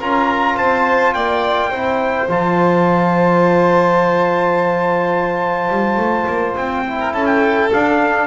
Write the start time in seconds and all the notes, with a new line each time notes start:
0.00 C#4 F4 A#4 A#5
0.57 C4 C5 A5
1.14 A#3 D5 G5
1.70 C4 E4 C5
2.29 F3 F4 A5
5.70 G3
5.97 A3
6.27 A#3
6.56 C4 G5
6.86 E4
7.00 A#4
7.13 C#4 A4 A5
7.26 G5
7.72 D4 F5